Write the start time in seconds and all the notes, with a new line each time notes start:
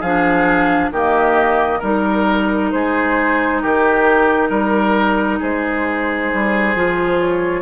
0.00 F3 D4 G#4 F5
0.90 D#3 A#3 G4 D#5
1.79 G3 D#4 A#4
2.71 G#3 G#4 C5
3.61 D#3 G4 A#4
4.49 G3 A#4
5.39 G#3 G#4 C5
6.33 G3
6.75 F3 F4
7.19 C#5